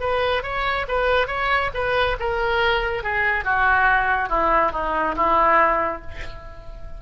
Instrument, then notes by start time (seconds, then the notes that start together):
oboe
0.00 B4
0.43 C#5
0.88 B4
1.27 C#5
1.74 B4
2.20 A#4
3.03 G#4
3.45 F#4
4.29 E4
4.72 D#4
5.16 E4